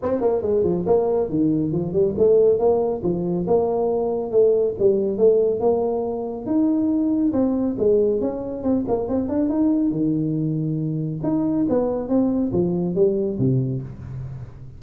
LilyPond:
\new Staff \with { instrumentName = "tuba" } { \time 4/4 \tempo 4 = 139 c'8 ais8 gis8 f8 ais4 dis4 | f8 g8 a4 ais4 f4 | ais2 a4 g4 | a4 ais2 dis'4~ |
dis'4 c'4 gis4 cis'4 | c'8 ais8 c'8 d'8 dis'4 dis4~ | dis2 dis'4 b4 | c'4 f4 g4 c4 | }